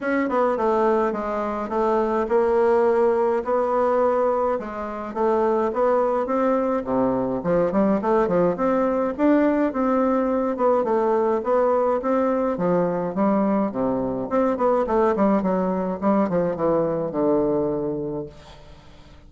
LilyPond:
\new Staff \with { instrumentName = "bassoon" } { \time 4/4 \tempo 4 = 105 cis'8 b8 a4 gis4 a4 | ais2 b2 | gis4 a4 b4 c'4 | c4 f8 g8 a8 f8 c'4 |
d'4 c'4. b8 a4 | b4 c'4 f4 g4 | c4 c'8 b8 a8 g8 fis4 | g8 f8 e4 d2 | }